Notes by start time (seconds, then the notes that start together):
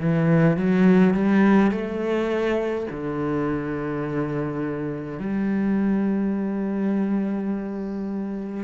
0.00 E3
0.57 F#3
1.14 G3
1.71 A3
2.91 D3
5.19 G3